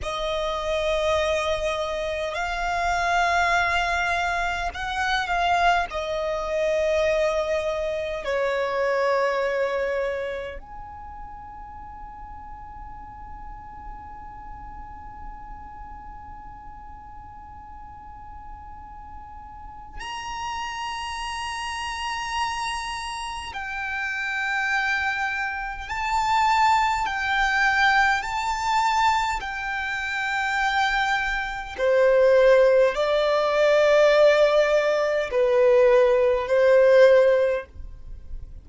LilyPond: \new Staff \with { instrumentName = "violin" } { \time 4/4 \tempo 4 = 51 dis''2 f''2 | fis''8 f''8 dis''2 cis''4~ | cis''4 gis''2.~ | gis''1~ |
gis''4 ais''2. | g''2 a''4 g''4 | a''4 g''2 c''4 | d''2 b'4 c''4 | }